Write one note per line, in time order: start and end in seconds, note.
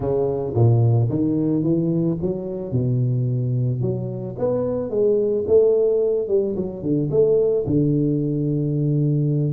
0.00 0.53 C#3
0.54 1.08 A#2
1.09 1.63 D#3
1.63 2.17 E3
2.21 2.71 F#3
2.71 3.81 B2
3.81 4.35 F#3
4.38 4.90 B3
4.90 5.44 G#3
5.47 6.28 A3
6.28 6.55 G3
6.56 6.82 F#3
6.82 7.09 D3
7.10 7.65 A3
7.66 9.53 D3